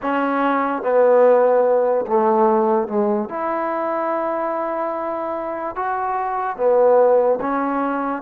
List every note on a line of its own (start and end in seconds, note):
0.02 0.82 C#4
0.82 2.05 B3
2.07 2.88 A3
2.88 3.29 G#3
3.29 5.75 E4
5.75 6.56 F#4
6.56 7.39 B3
7.40 8.22 C#4